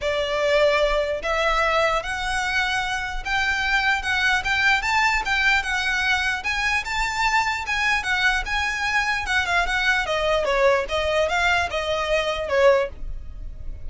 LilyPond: \new Staff \with { instrumentName = "violin" } { \time 4/4 \tempo 4 = 149 d''2. e''4~ | e''4 fis''2. | g''2 fis''4 g''4 | a''4 g''4 fis''2 |
gis''4 a''2 gis''4 | fis''4 gis''2 fis''8 f''8 | fis''4 dis''4 cis''4 dis''4 | f''4 dis''2 cis''4 | }